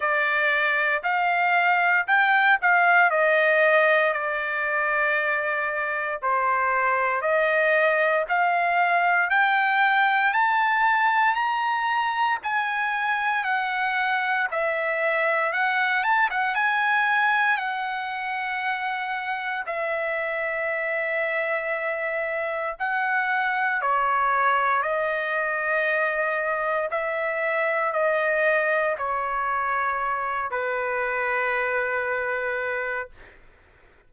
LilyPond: \new Staff \with { instrumentName = "trumpet" } { \time 4/4 \tempo 4 = 58 d''4 f''4 g''8 f''8 dis''4 | d''2 c''4 dis''4 | f''4 g''4 a''4 ais''4 | gis''4 fis''4 e''4 fis''8 a''16 fis''16 |
gis''4 fis''2 e''4~ | e''2 fis''4 cis''4 | dis''2 e''4 dis''4 | cis''4. b'2~ b'8 | }